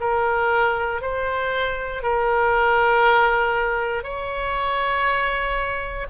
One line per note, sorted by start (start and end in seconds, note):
0.00 1.01 A#4
1.01 2.02 C5
2.02 4.03 A#4
4.03 6.06 C#5